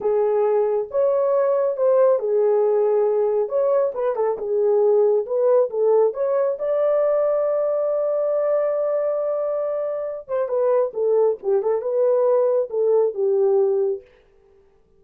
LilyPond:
\new Staff \with { instrumentName = "horn" } { \time 4/4 \tempo 4 = 137 gis'2 cis''2 | c''4 gis'2. | cis''4 b'8 a'8 gis'2 | b'4 a'4 cis''4 d''4~ |
d''1~ | d''2.~ d''8 c''8 | b'4 a'4 g'8 a'8 b'4~ | b'4 a'4 g'2 | }